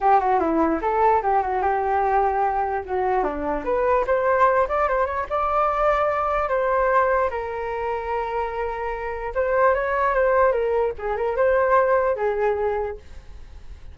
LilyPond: \new Staff \with { instrumentName = "flute" } { \time 4/4 \tempo 4 = 148 g'8 fis'8 e'4 a'4 g'8 fis'8 | g'2. fis'4 | d'4 b'4 c''4. d''8 | c''8 cis''8 d''2. |
c''2 ais'2~ | ais'2. c''4 | cis''4 c''4 ais'4 gis'8 ais'8 | c''2 gis'2 | }